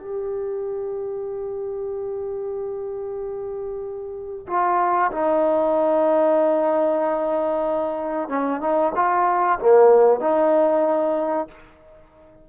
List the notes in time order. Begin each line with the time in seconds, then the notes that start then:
0.00 G4
4.48 F4
5.12 D#4
8.29 C#4
8.61 D#4
8.96 F4
9.60 A#3
10.20 D#4